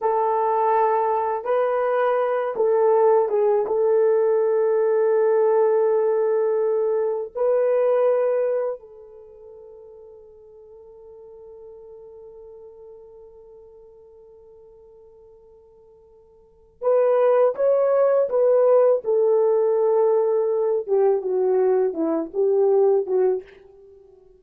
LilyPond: \new Staff \with { instrumentName = "horn" } { \time 4/4 \tempo 4 = 82 a'2 b'4. a'8~ | a'8 gis'8 a'2.~ | a'2 b'2 | a'1~ |
a'1~ | a'2. b'4 | cis''4 b'4 a'2~ | a'8 g'8 fis'4 e'8 g'4 fis'8 | }